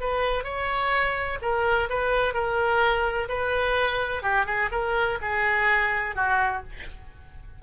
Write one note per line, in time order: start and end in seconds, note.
0.00 0.44 B4
0.44 1.38 C#5
1.42 1.89 A#4
1.89 2.33 B4
2.33 3.28 A#4
3.28 4.22 B4
4.22 4.46 G4
4.46 4.69 G#4
4.71 5.19 A#4
5.21 6.15 G#4
6.15 6.62 F#4